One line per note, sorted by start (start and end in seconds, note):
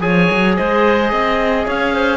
0.00 0.28 F3
0.00 2.17 G#4
0.00 0.57 C#5
0.00 0.55 G#5
0.30 0.58 F#3
0.56 1.12 G#3
0.56 1.11 C5
0.56 1.65 D#5
1.11 1.66 C4
1.11 1.66 D#5
1.66 2.17 C#4
1.66 1.93 C#5
1.66 2.17 F5
1.93 2.17 C5